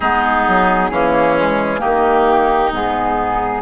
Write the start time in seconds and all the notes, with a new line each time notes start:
0.00 G#3 B3 D#4 G#4
0.47 F#3
0.90 E3 A#3 C#4
1.38 G#3
1.78 D#3 A#3 D#4 G4
2.71 G#2 B3 G#4